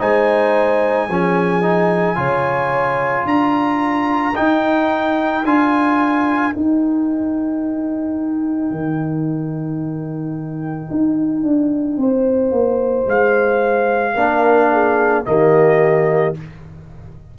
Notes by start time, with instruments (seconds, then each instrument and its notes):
0.00 tuba G#3, trombone D#4, horn C5, trumpet G#5
1.09 tuba F3, trombone C#4, horn G#4
1.62 trombone D#4
2.16 tuba C#3, trombone F4, horn C#5
3.25 tuba D4, horn A#4, trumpet A#5
4.35 trombone D#4, tuba D#4, trumpet G5
5.45 tuba D4, trombone F4, trumpet G#5
6.52 trombone D#4, tuba D#4, trumpet G5
8.71 tuba D#3
10.91 tuba D#4
11.43 tuba D4
11.98 tuba C4, horn C5
12.52 tuba A#3
13.07 tuba G#3, trumpet F5
14.15 tuba A#3, trombone D4, horn A#4
14.72 horn G#4
15.25 tuba D#3, trombone A#3, horn G4, trumpet D#5